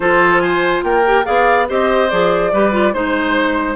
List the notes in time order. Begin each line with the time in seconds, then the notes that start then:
0.00 F3 F4 A4 C5
0.39 C5 G#5
0.83 A#3 A#4 G5
1.05 G4
1.24 B3 G#4 D5 F5
1.67 C4 G4 C5 D#5
2.09 F3 G#4 D5
2.52 G3 G4 B4
2.72 F4
2.93 G#3 D#4 C5